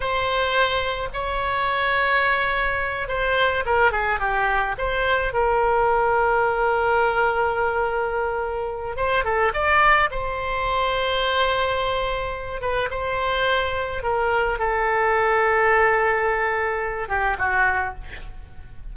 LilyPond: \new Staff \with { instrumentName = "oboe" } { \time 4/4 \tempo 4 = 107 c''2 cis''2~ | cis''4. c''4 ais'8 gis'8 g'8~ | g'8 c''4 ais'2~ ais'8~ | ais'1 |
c''8 a'8 d''4 c''2~ | c''2~ c''8 b'8 c''4~ | c''4 ais'4 a'2~ | a'2~ a'8 g'8 fis'4 | }